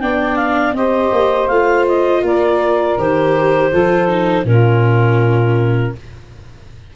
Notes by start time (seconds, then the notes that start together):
0.00 B3 D4 D5 G5
0.36 F5
0.73 C4 G4 C5 D#5
1.12 A#3
1.48 A3 F4 F5
1.88 D#5
2.22 A#3 A#4 D5
2.97 D#3 G4 C5
3.71 F3 F4 A4
4.08 D#4
4.44 A#2 C#4 F4 A#4